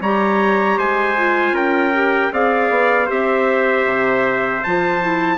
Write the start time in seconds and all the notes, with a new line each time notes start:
0.00 G3 G4 C#5 A#5
0.77 G#3 C5 G#5
1.17 F4
1.52 C#4 A#4 G5
1.93 G4
2.32 C4 G#4 D5 F5
2.70 B3
3.06 C4 G4 C5 E5
3.85 C3
4.63 F3 F4 A5
5.01 E4